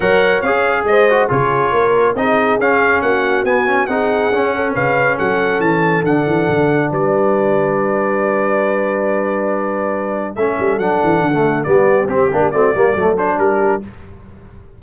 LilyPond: <<
  \new Staff \with { instrumentName = "trumpet" } { \time 4/4 \tempo 4 = 139 fis''4 f''4 dis''4 cis''4~ | cis''4 dis''4 f''4 fis''4 | gis''4 fis''2 f''4 | fis''4 a''4 fis''2 |
d''1~ | d''1 | e''4 fis''2 d''4 | g'4 d''4. c''8 ais'4 | }
  \new Staff \with { instrumentName = "horn" } { \time 4/4 cis''2 c''4 gis'4 | ais'4 gis'2 fis'4~ | fis'4 gis'4. a'8 b'4 | a'1 |
b'1~ | b'1 | a'2. g'4~ | g'4 fis'8 g'8 a'4 g'4 | }
  \new Staff \with { instrumentName = "trombone" } { \time 4/4 ais'4 gis'4. fis'8 f'4~ | f'4 dis'4 cis'2 | b8 cis'8 dis'4 cis'2~ | cis'2 d'2~ |
d'1~ | d'1 | cis'4 d'4~ d'16 a8. b4 | c'8 d'8 c'8 ais8 a8 d'4. | }
  \new Staff \with { instrumentName = "tuba" } { \time 4/4 fis4 cis'4 gis4 cis4 | ais4 c'4 cis'4 ais4 | b4 c'4 cis'4 cis4 | fis4 e4 d8 e8 d4 |
g1~ | g1 | a8 g8 fis8 e8 d4 g4 | c'8 ais8 a8 g8 fis4 g4 | }
>>